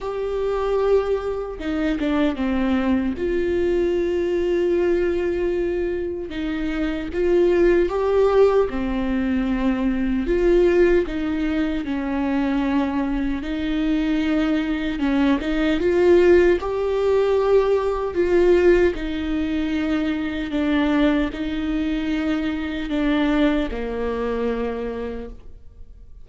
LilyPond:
\new Staff \with { instrumentName = "viola" } { \time 4/4 \tempo 4 = 76 g'2 dis'8 d'8 c'4 | f'1 | dis'4 f'4 g'4 c'4~ | c'4 f'4 dis'4 cis'4~ |
cis'4 dis'2 cis'8 dis'8 | f'4 g'2 f'4 | dis'2 d'4 dis'4~ | dis'4 d'4 ais2 | }